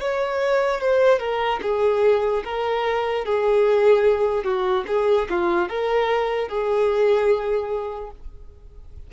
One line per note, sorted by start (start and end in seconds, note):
0.00 0.81 C#5
0.81 1.19 C5
1.19 1.60 A#4
1.62 2.43 G#4
2.44 3.25 A#4
3.25 4.44 G#4
4.44 4.84 F#4
4.87 5.28 G#4
5.30 5.69 F4
5.69 6.48 A#4
6.48 8.10 G#4